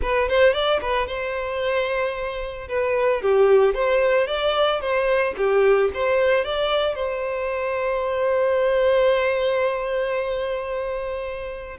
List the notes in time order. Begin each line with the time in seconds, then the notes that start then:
0.02 B4
0.28 C5
0.53 D5
0.81 B4
1.07 C5
2.68 B4
3.22 G4
3.74 C5
4.27 D5
4.80 C5
5.37 G4
5.93 C5
6.44 D5
6.95 C5